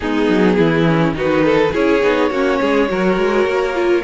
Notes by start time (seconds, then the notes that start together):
0.00 G#3 B3 D#4 G#4
0.28 F#3
0.56 E3 E4
0.86 C#4
1.12 D#3 D#4 F#4 B4
1.44 A4
1.72 C#4 E4 G#4 C#5
2.02 B3 D#4
2.30 A#3 C#4 F#4
2.60 G#3 G#4
2.88 F#3 F#4 A#4
3.17 G#3
3.45 A#3
3.74 F4